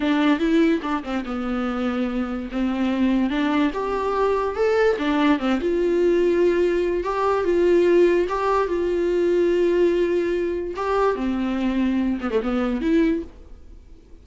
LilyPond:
\new Staff \with { instrumentName = "viola" } { \time 4/4 \tempo 4 = 145 d'4 e'4 d'8 c'8 b4~ | b2 c'2 | d'4 g'2 a'4 | d'4 c'8 f'2~ f'8~ |
f'4 g'4 f'2 | g'4 f'2.~ | f'2 g'4 c'4~ | c'4. b16 a16 b4 e'4 | }